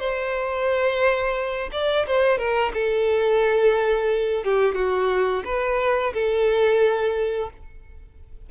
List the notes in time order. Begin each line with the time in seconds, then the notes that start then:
0.00 C5
1.72 D5
2.07 C5
2.38 A#4
2.74 A4
4.44 G4
4.75 F#4
5.45 B4
6.14 A4